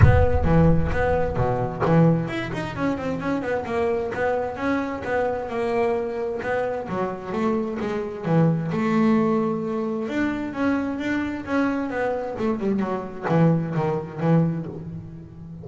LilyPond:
\new Staff \with { instrumentName = "double bass" } { \time 4/4 \tempo 4 = 131 b4 e4 b4 b,4 | e4 e'8 dis'8 cis'8 c'8 cis'8 b8 | ais4 b4 cis'4 b4 | ais2 b4 fis4 |
a4 gis4 e4 a4~ | a2 d'4 cis'4 | d'4 cis'4 b4 a8 g8 | fis4 e4 dis4 e4 | }